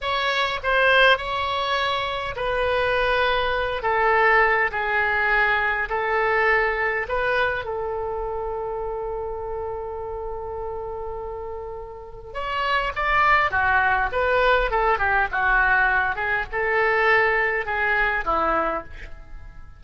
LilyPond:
\new Staff \with { instrumentName = "oboe" } { \time 4/4 \tempo 4 = 102 cis''4 c''4 cis''2 | b'2~ b'8 a'4. | gis'2 a'2 | b'4 a'2.~ |
a'1~ | a'4 cis''4 d''4 fis'4 | b'4 a'8 g'8 fis'4. gis'8 | a'2 gis'4 e'4 | }